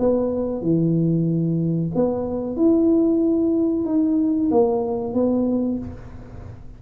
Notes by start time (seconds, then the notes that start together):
0.00 B3
0.62 E3
1.95 B3
2.57 E4
3.86 D#4
4.51 A#3
5.14 B3